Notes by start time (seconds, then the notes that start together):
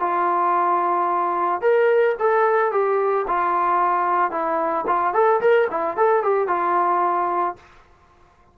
0.00 F4
1.61 A#4
2.19 A4
2.72 G4
3.28 F4
4.31 E4
4.87 F4
5.14 A4
5.41 A#4
5.71 E4
5.97 A4
6.23 G4
6.48 F4